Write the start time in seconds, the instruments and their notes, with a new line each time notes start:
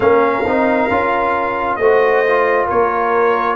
0.00 tuba A#3, trombone C#4, horn A#4, trumpet F5
0.45 tuba C4, trombone D#4
0.90 tuba C#4, trombone F4
1.76 tuba A3, trombone F#4, horn C5, trumpet D#5
2.26 trombone F4
2.66 tuba A#3, horn A#4, trumpet C#5